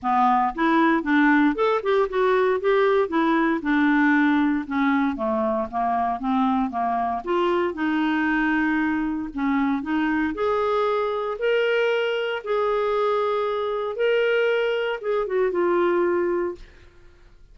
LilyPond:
\new Staff \with { instrumentName = "clarinet" } { \time 4/4 \tempo 4 = 116 b4 e'4 d'4 a'8 g'8 | fis'4 g'4 e'4 d'4~ | d'4 cis'4 a4 ais4 | c'4 ais4 f'4 dis'4~ |
dis'2 cis'4 dis'4 | gis'2 ais'2 | gis'2. ais'4~ | ais'4 gis'8 fis'8 f'2 | }